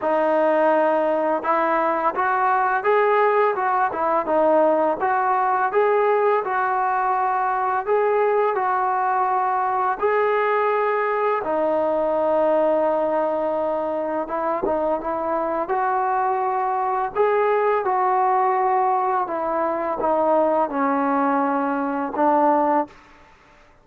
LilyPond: \new Staff \with { instrumentName = "trombone" } { \time 4/4 \tempo 4 = 84 dis'2 e'4 fis'4 | gis'4 fis'8 e'8 dis'4 fis'4 | gis'4 fis'2 gis'4 | fis'2 gis'2 |
dis'1 | e'8 dis'8 e'4 fis'2 | gis'4 fis'2 e'4 | dis'4 cis'2 d'4 | }